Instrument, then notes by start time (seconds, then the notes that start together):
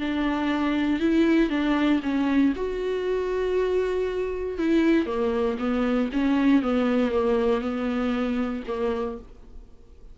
viola
0.00 D4
1.00 E4
1.50 D4
2.03 C#4
2.56 F#4
4.58 E4
5.06 A#3
5.59 B3
6.13 C#4
6.62 B3
7.11 A#3
7.61 B3
8.67 A#3